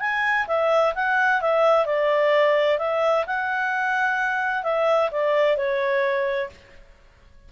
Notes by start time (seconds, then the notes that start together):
0.00 G#5
0.47 E5
0.95 F#5
1.41 E5
1.86 D5
2.79 E5
3.26 F#5
4.63 E5
5.11 D5
5.57 C#5